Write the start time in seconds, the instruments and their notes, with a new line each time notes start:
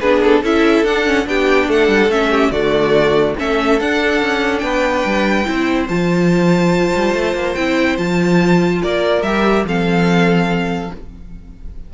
0.00 cello B3, viola D4, violin G#4 B4
0.24 violin A4
0.42 cello C#4, viola E4, violin A4 E5
0.84 cello D4, viola D4, violin F#5
1.06 viola C#4
1.25 cello B3, viola D4, violin G4 G5
1.68 cello A3, violin A4 F#5
1.88 cello G3
2.08 cello A3, viola C#4, violin E5
2.31 violin G4
2.51 cello D3, viola A3, violin F#4 D5
3.38 cello A3, viola C#4, violin A4 E5
3.80 cello D4, viola D4, violin F#5
4.21 cello C#4
4.59 cello B3, violin B4 G5
5.05 cello G3
5.45 cello C4, viola E4, violin C5
5.89 cello F3, viola F4, violin A5
6.95 cello G3
7.14 cello A3
7.34 cello A#3
7.55 cello C4, viola E4, violin G5
7.97 cello F3, viola F4, violin A5
8.82 cello A#3, violin A#4 D5
9.22 cello G3, viola G4, violin E5
9.65 cello F3, viola C4, violin A4 F5